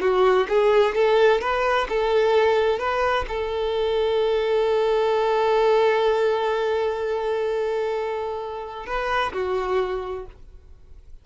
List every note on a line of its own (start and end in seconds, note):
0.00 0.47 F#4
0.48 0.95 G#4
0.95 1.40 A4
1.40 1.87 B4
1.88 2.79 A4
2.79 3.25 B4
3.28 8.86 A4
8.86 9.32 B4
9.33 10.26 F#4